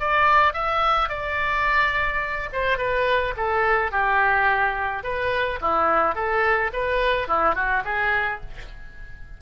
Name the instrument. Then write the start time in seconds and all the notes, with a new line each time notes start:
oboe
0.00 D5
0.53 E5
1.09 D5
2.53 C5
2.78 B4
3.36 A4
3.92 G4
5.03 B4
5.61 E4
6.15 A4
6.73 B4
7.28 E4
7.55 F#4
7.85 G#4